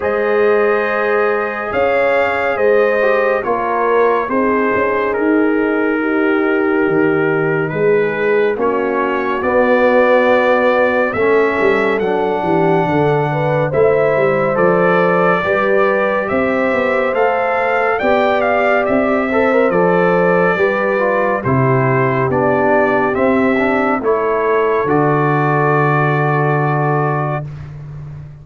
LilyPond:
<<
  \new Staff \with { instrumentName = "trumpet" } { \time 4/4 \tempo 4 = 70 dis''2 f''4 dis''4 | cis''4 c''4 ais'2~ | ais'4 b'4 cis''4 d''4~ | d''4 e''4 fis''2 |
e''4 d''2 e''4 | f''4 g''8 f''8 e''4 d''4~ | d''4 c''4 d''4 e''4 | cis''4 d''2. | }
  \new Staff \with { instrumentName = "horn" } { \time 4/4 c''2 cis''4 c''4 | ais'4 gis'2 g'4~ | g'4 gis'4 fis'2~ | fis'4 a'4. g'8 a'8 b'8 |
c''2 b'4 c''4~ | c''4 d''4. c''4. | b'4 g'2. | a'1 | }
  \new Staff \with { instrumentName = "trombone" } { \time 4/4 gis'2.~ gis'8 g'8 | f'4 dis'2.~ | dis'2 cis'4 b4~ | b4 cis'4 d'2 |
e'4 a'4 g'2 | a'4 g'4. a'16 ais'16 a'4 | g'8 f'8 e'4 d'4 c'8 d'8 | e'4 fis'2. | }
  \new Staff \with { instrumentName = "tuba" } { \time 4/4 gis2 cis'4 gis4 | ais4 c'8 cis'8 dis'2 | dis4 gis4 ais4 b4~ | b4 a8 g8 fis8 e8 d4 |
a8 g8 f4 g4 c'8 b8 | a4 b4 c'4 f4 | g4 c4 b4 c'4 | a4 d2. | }
>>